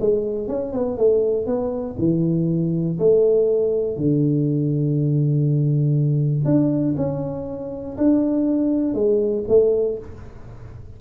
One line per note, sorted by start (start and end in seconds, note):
0.00 0.47 G#3
0.47 0.72 C#4
0.72 0.97 B3
0.97 1.46 A3
1.46 1.96 B3
1.99 2.99 E3
2.99 3.97 A3
3.97 6.45 D3
6.45 6.95 D4
6.97 7.97 C#4
7.97 8.94 D4
8.94 9.44 G#3
9.48 9.98 A3